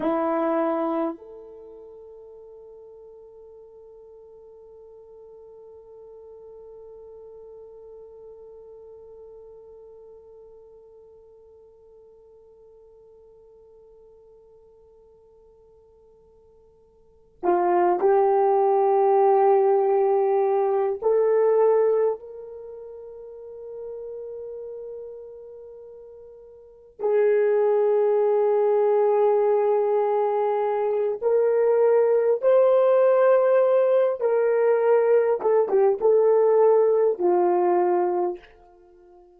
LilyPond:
\new Staff \with { instrumentName = "horn" } { \time 4/4 \tempo 4 = 50 e'4 a'2.~ | a'1~ | a'1~ | a'2~ a'8 f'8 g'4~ |
g'4. a'4 ais'4.~ | ais'2~ ais'8 gis'4.~ | gis'2 ais'4 c''4~ | c''8 ais'4 a'16 g'16 a'4 f'4 | }